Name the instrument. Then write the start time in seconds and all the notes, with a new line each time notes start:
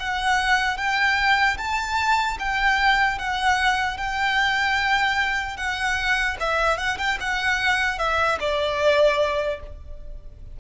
violin
0.00 F#5
0.78 G5
1.58 A5
2.40 G5
3.19 F#5
3.97 G5
5.57 F#5
6.40 E5
6.78 F#5
6.99 G5
7.21 F#5
7.99 E5
8.40 D5